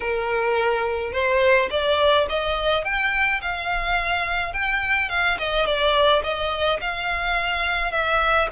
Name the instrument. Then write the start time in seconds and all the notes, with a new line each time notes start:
violin
0.00 A#4
1.12 C5
1.70 D5
2.29 D#5
2.84 G5
3.41 F5
4.53 G5
5.09 F5
5.38 D#5
5.66 D5
6.23 D#5
6.81 F5
7.91 E5